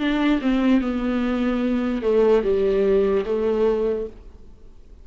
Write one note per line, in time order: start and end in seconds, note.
0.00 0.41 D4
0.42 0.81 C4
0.81 2.03 B3
2.03 2.43 A3
2.44 3.25 G3
3.26 4.07 A3